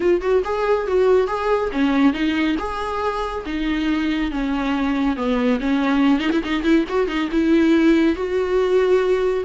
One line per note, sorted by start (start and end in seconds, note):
0.00 0.21 F4
0.21 0.42 F#4
0.44 0.87 G#4
0.87 1.27 F#4
1.27 1.69 G#4
1.72 2.13 C#4
2.13 2.56 D#4
2.58 3.44 G#4
3.45 4.31 D#4
4.31 5.16 C#4
5.16 5.59 B3
5.59 6.19 C#4
6.19 6.30 D#4
6.32 6.42 E4
6.43 6.63 D#4
6.63 6.84 E4
6.88 7.07 F#4
7.07 7.29 D#4
7.31 8.15 E4
8.15 9.44 F#4